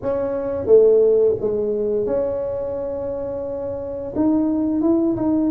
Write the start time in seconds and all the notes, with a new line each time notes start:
0.02 C#4
0.66 A3
1.40 G#3
2.06 C#4
4.15 D#4
4.81 E4
5.16 D#4